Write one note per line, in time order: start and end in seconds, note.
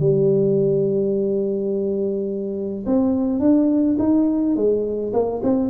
0.00 2.86 G3
2.86 3.40 C4
3.40 3.97 D4
3.99 4.56 D#4
4.56 5.13 G#3
5.14 5.42 A#3
5.43 5.70 C4